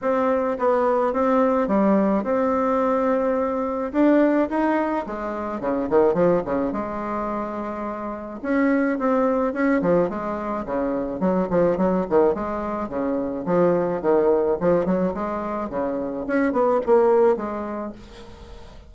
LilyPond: \new Staff \with { instrumentName = "bassoon" } { \time 4/4 \tempo 4 = 107 c'4 b4 c'4 g4 | c'2. d'4 | dis'4 gis4 cis8 dis8 f8 cis8 | gis2. cis'4 |
c'4 cis'8 f8 gis4 cis4 | fis8 f8 fis8 dis8 gis4 cis4 | f4 dis4 f8 fis8 gis4 | cis4 cis'8 b8 ais4 gis4 | }